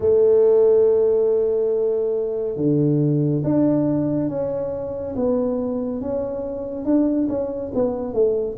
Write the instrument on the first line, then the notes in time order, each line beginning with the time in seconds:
tuba
0.00 A3
2.56 D3
3.44 D4
4.29 C#4
5.15 B3
6.01 C#4
6.85 D4
7.29 C#4
7.74 B3
8.13 A3